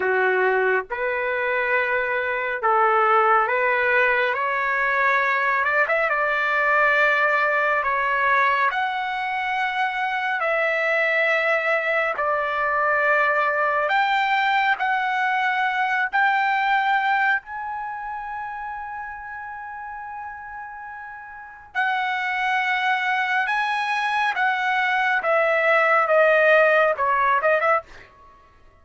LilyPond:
\new Staff \with { instrumentName = "trumpet" } { \time 4/4 \tempo 4 = 69 fis'4 b'2 a'4 | b'4 cis''4. d''16 e''16 d''4~ | d''4 cis''4 fis''2 | e''2 d''2 |
g''4 fis''4. g''4. | gis''1~ | gis''4 fis''2 gis''4 | fis''4 e''4 dis''4 cis''8 dis''16 e''16 | }